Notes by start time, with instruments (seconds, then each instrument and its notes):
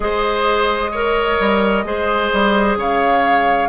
0.00 bassoon G#3, clarinet G#4, oboe C5, flute D#5
0.91 clarinet A#4, oboe C#5
1.39 bassoon G3
1.84 bassoon G#3, clarinet G#4, oboe C5
2.32 bassoon G3
2.76 bassoon C#3, oboe C#5, flute F5